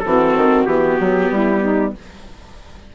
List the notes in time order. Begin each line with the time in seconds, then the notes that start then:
0.00 E3 C4 F#4 A4
0.36 D#3
0.66 E3 B3 G4
1.00 F#3
1.31 G3 E4
1.62 D#4